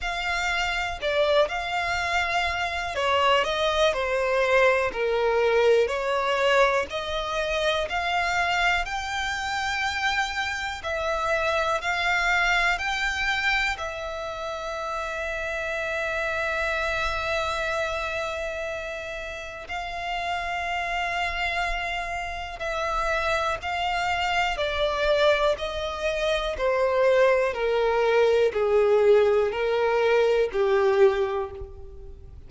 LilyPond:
\new Staff \with { instrumentName = "violin" } { \time 4/4 \tempo 4 = 61 f''4 d''8 f''4. cis''8 dis''8 | c''4 ais'4 cis''4 dis''4 | f''4 g''2 e''4 | f''4 g''4 e''2~ |
e''1 | f''2. e''4 | f''4 d''4 dis''4 c''4 | ais'4 gis'4 ais'4 g'4 | }